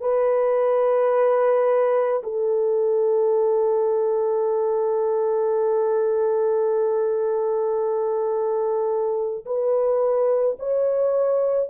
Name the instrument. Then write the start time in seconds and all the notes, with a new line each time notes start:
horn
0.00 B4
2.23 A4
9.45 B4
10.59 C#5